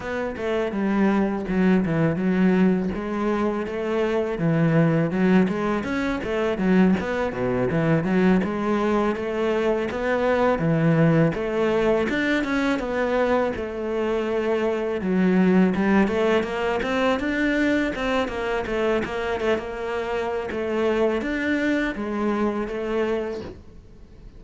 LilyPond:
\new Staff \with { instrumentName = "cello" } { \time 4/4 \tempo 4 = 82 b8 a8 g4 fis8 e8 fis4 | gis4 a4 e4 fis8 gis8 | cis'8 a8 fis8 b8 b,8 e8 fis8 gis8~ | gis8 a4 b4 e4 a8~ |
a8 d'8 cis'8 b4 a4.~ | a8 fis4 g8 a8 ais8 c'8 d'8~ | d'8 c'8 ais8 a8 ais8 a16 ais4~ ais16 | a4 d'4 gis4 a4 | }